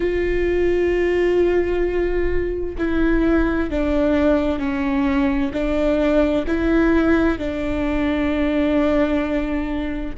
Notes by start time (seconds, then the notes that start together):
0.00 F4
2.78 E4
3.70 D4
4.59 C#4
5.53 D4
6.47 E4
7.38 D4